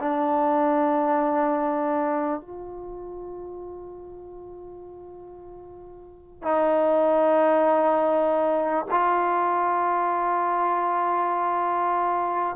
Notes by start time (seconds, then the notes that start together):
0.00 D4
2.41 F4
6.43 D#4
8.91 F4